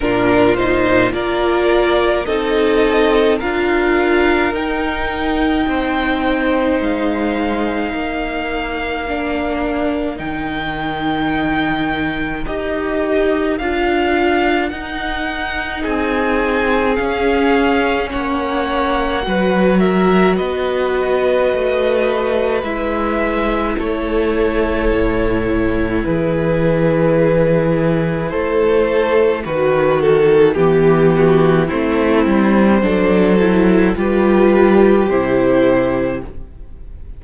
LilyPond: <<
  \new Staff \with { instrumentName = "violin" } { \time 4/4 \tempo 4 = 53 ais'8 c''8 d''4 dis''4 f''4 | g''2 f''2~ | f''4 g''2 dis''4 | f''4 fis''4 gis''4 f''4 |
fis''4. e''8 dis''2 | e''4 cis''2 b'4~ | b'4 c''4 b'8 a'8 g'4 | c''2 b'4 c''4 | }
  \new Staff \with { instrumentName = "violin" } { \time 4/4 f'4 ais'4 a'4 ais'4~ | ais'4 c''2 ais'4~ | ais'1~ | ais'2 gis'2 |
cis''4 b'8 ais'8 b'2~ | b'4 a'2 gis'4~ | gis'4 a'4 fis'4 g'8 fis'8 | e'4 a'4 g'2 | }
  \new Staff \with { instrumentName = "viola" } { \time 4/4 d'8 dis'8 f'4 dis'4 f'4 | dis'1 | d'4 dis'2 g'4 | f'4 dis'2 cis'4~ |
cis'4 fis'2. | e'1~ | e'2 fis'4 b4 | c'4 d'8 e'8 f'4 e'4 | }
  \new Staff \with { instrumentName = "cello" } { \time 4/4 ais,4 ais4 c'4 d'4 | dis'4 c'4 gis4 ais4~ | ais4 dis2 dis'4 | d'4 dis'4 c'4 cis'4 |
ais4 fis4 b4 a4 | gis4 a4 a,4 e4~ | e4 a4 dis4 e4 | a8 g8 fis4 g4 c4 | }
>>